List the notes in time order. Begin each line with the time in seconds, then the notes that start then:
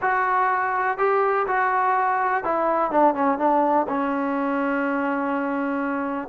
0.01 F#4
0.98 G4
1.47 F#4
2.44 E4
2.91 D4
3.14 C#4
3.38 D4
3.88 C#4